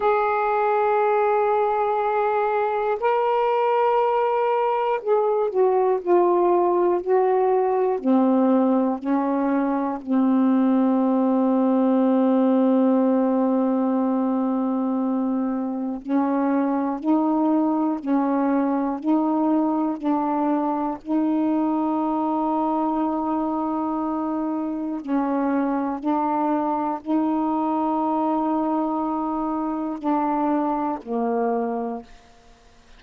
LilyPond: \new Staff \with { instrumentName = "saxophone" } { \time 4/4 \tempo 4 = 60 gis'2. ais'4~ | ais'4 gis'8 fis'8 f'4 fis'4 | c'4 cis'4 c'2~ | c'1 |
cis'4 dis'4 cis'4 dis'4 | d'4 dis'2.~ | dis'4 cis'4 d'4 dis'4~ | dis'2 d'4 ais4 | }